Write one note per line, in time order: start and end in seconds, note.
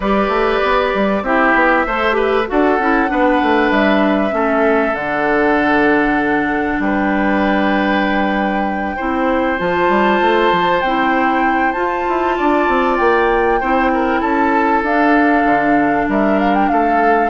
0.00 0.28 G3
0.00 1.25 G4
0.00 1.22 B4
0.00 1.24 D5
0.28 0.59 A3
0.62 0.93 B3
0.94 1.22 G3
1.22 1.53 C4
1.22 1.87 E4
1.22 1.86 G4
1.22 2.48 E5
1.54 1.85 B3
1.86 2.48 A3
1.86 2.12 A4
1.86 2.16 C5
2.12 2.43 G4
2.12 2.47 B4
2.47 2.78 D4
2.47 2.78 F#4
2.47 3.10 A4
2.47 3.71 F#5
2.78 3.09 C#4
2.78 3.07 E4
3.07 3.41 B3
3.07 4.30 D4
3.07 4.34 B4
3.41 3.70 A3
3.70 4.32 G3
3.70 4.94 E5
4.30 4.93 A3
4.30 4.92 C#4
4.30 6.82 A4
4.93 6.78 D3
4.93 8.97 D4
4.93 6.80 F#5
6.79 8.95 G3
6.79 8.96 B4
6.79 9.59 G5
8.96 9.60 C4
8.96 9.58 E4
8.96 12.36 C5
9.58 9.89 F3
9.58 10.81 F4
9.58 10.81 A5
9.89 10.19 G3
10.21 10.51 A3
10.51 10.82 F3
10.81 11.74 C4
10.81 11.75 E4
10.81 11.72 G5
11.72 12.05 F4
11.72 13.61 F4
11.72 12.96 A5
12.08 12.39 E4
12.37 12.68 D4
12.37 13.59 D5
12.68 12.99 C4
12.96 13.61 A#3
12.96 14.20 G5
13.59 14.21 C4
13.59 14.85 E4
13.59 13.90 C5
13.93 14.20 A#4
14.20 14.82 C#4
14.20 16.06 A4
14.20 14.82 A5
14.82 15.44 D4
14.82 17.30 D4
14.82 16.09 F5
15.44 16.06 D3
16.08 16.70 G3
16.08 16.71 A#4
16.08 16.39 E5
16.39 16.54 F5
16.54 16.68 G5
16.68 17.30 A3
16.68 17.30 A4
16.68 17.30 F5